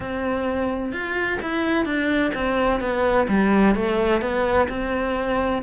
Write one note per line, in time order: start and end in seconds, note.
0.00 0.92 C4
0.92 1.39 F4
1.41 1.85 E4
1.85 2.32 D4
2.34 2.80 C4
2.80 3.27 B3
3.28 3.75 G3
3.75 4.21 A3
4.21 4.67 B3
4.69 5.62 C4